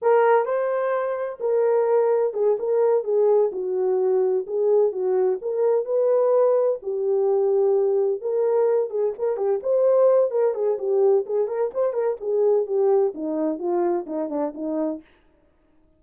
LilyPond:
\new Staff \with { instrumentName = "horn" } { \time 4/4 \tempo 4 = 128 ais'4 c''2 ais'4~ | ais'4 gis'8 ais'4 gis'4 fis'8~ | fis'4. gis'4 fis'4 ais'8~ | ais'8 b'2 g'4.~ |
g'4. ais'4. gis'8 ais'8 | g'8 c''4. ais'8 gis'8 g'4 | gis'8 ais'8 c''8 ais'8 gis'4 g'4 | dis'4 f'4 dis'8 d'8 dis'4 | }